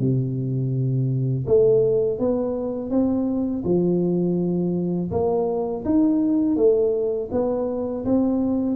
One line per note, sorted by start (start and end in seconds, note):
0.00 1.46 C3
1.47 2.20 A3
2.20 2.91 B3
2.91 3.64 C4
3.65 5.11 F3
5.12 5.85 A#3
5.86 6.57 D#4
6.57 7.30 A3
7.32 8.05 B3
8.06 8.77 C4